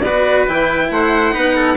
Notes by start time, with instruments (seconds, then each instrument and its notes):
0.00 bassoon B3, trumpet B4, violin D5
0.06 cello F#4
0.47 bassoon E3, cello E4, violin G5
0.90 bassoon A3, trumpet C5, violin F#5
1.32 bassoon B3, cello D#4, trumpet B4
1.55 trumpet A4